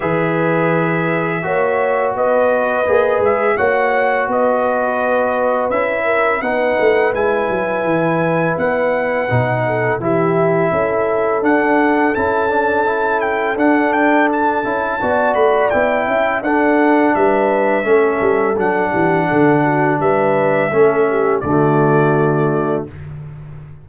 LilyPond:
<<
  \new Staff \with { instrumentName = "trumpet" } { \time 4/4 \tempo 4 = 84 e''2. dis''4~ | dis''8 e''8 fis''4 dis''2 | e''4 fis''4 gis''2 | fis''2 e''2 |
fis''4 a''4. g''8 fis''8 g''8 | a''4. b''8 g''4 fis''4 | e''2 fis''2 | e''2 d''2 | }
  \new Staff \with { instrumentName = "horn" } { \time 4/4 b'2 cis''4 b'4~ | b'4 cis''4 b'2~ | b'8 ais'8 b'2.~ | b'4. a'8 g'4 a'4~ |
a'1~ | a'4 d''4. e''8 a'4 | b'4 a'4. g'8 a'8 fis'8 | b'4 a'8 g'8 fis'2 | }
  \new Staff \with { instrumentName = "trombone" } { \time 4/4 gis'2 fis'2 | gis'4 fis'2. | e'4 dis'4 e'2~ | e'4 dis'4 e'2 |
d'4 e'8 d'8 e'4 d'4~ | d'8 e'8 fis'4 e'4 d'4~ | d'4 cis'4 d'2~ | d'4 cis'4 a2 | }
  \new Staff \with { instrumentName = "tuba" } { \time 4/4 e2 ais4 b4 | ais8 gis8 ais4 b2 | cis'4 b8 a8 gis8 fis8 e4 | b4 b,4 e4 cis'4 |
d'4 cis'2 d'4~ | d'8 cis'8 b8 a8 b8 cis'8 d'4 | g4 a8 g8 fis8 e8 d4 | g4 a4 d2 | }
>>